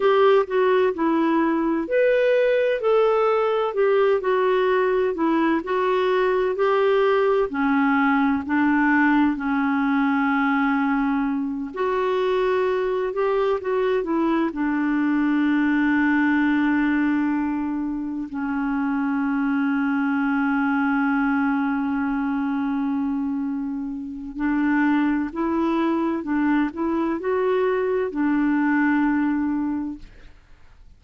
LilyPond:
\new Staff \with { instrumentName = "clarinet" } { \time 4/4 \tempo 4 = 64 g'8 fis'8 e'4 b'4 a'4 | g'8 fis'4 e'8 fis'4 g'4 | cis'4 d'4 cis'2~ | cis'8 fis'4. g'8 fis'8 e'8 d'8~ |
d'2.~ d'8 cis'8~ | cis'1~ | cis'2 d'4 e'4 | d'8 e'8 fis'4 d'2 | }